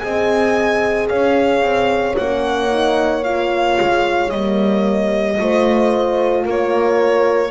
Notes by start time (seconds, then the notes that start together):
0.00 C4 G#4 D#5 G#5
1.09 C#4 C#5 F5
1.62 C4
2.17 A#3 C#4 F#5
2.69 D#4
3.24 F4 F5
3.81 G#3
4.30 G3 A#3 D#5
5.38 A3 F4 C5
6.46 A#3 A#4 C#5